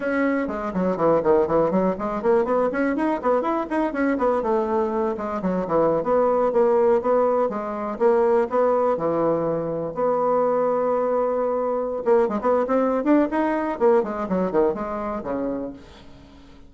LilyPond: \new Staff \with { instrumentName = "bassoon" } { \time 4/4 \tempo 4 = 122 cis'4 gis8 fis8 e8 dis8 e8 fis8 | gis8 ais8 b8 cis'8 dis'8 b8 e'8 dis'8 | cis'8 b8 a4. gis8 fis8 e8~ | e16 b4 ais4 b4 gis8.~ |
gis16 ais4 b4 e4.~ e16~ | e16 b2.~ b8.~ | b8 ais8 gis16 b8 c'8. d'8 dis'4 | ais8 gis8 fis8 dis8 gis4 cis4 | }